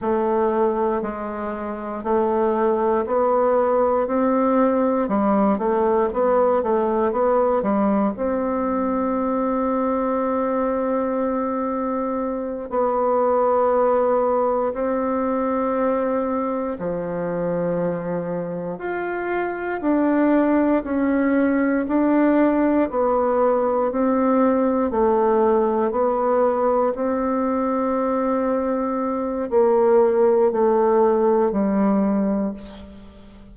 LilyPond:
\new Staff \with { instrumentName = "bassoon" } { \time 4/4 \tempo 4 = 59 a4 gis4 a4 b4 | c'4 g8 a8 b8 a8 b8 g8 | c'1~ | c'8 b2 c'4.~ |
c'8 f2 f'4 d'8~ | d'8 cis'4 d'4 b4 c'8~ | c'8 a4 b4 c'4.~ | c'4 ais4 a4 g4 | }